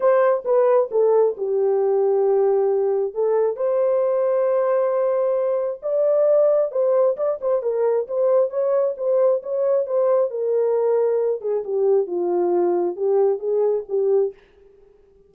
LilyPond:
\new Staff \with { instrumentName = "horn" } { \time 4/4 \tempo 4 = 134 c''4 b'4 a'4 g'4~ | g'2. a'4 | c''1~ | c''4 d''2 c''4 |
d''8 c''8 ais'4 c''4 cis''4 | c''4 cis''4 c''4 ais'4~ | ais'4. gis'8 g'4 f'4~ | f'4 g'4 gis'4 g'4 | }